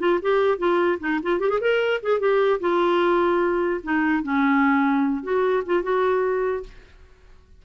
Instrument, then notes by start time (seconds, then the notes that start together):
clarinet
0.00 F4
0.22 G4
0.59 F4
1.00 D#4
1.23 F4
1.40 G4
1.50 G#4
1.61 A#4
2.03 G#4
2.20 G4
2.61 F4
3.84 D#4
4.23 C#4
5.23 F#4
5.66 F4
5.83 F#4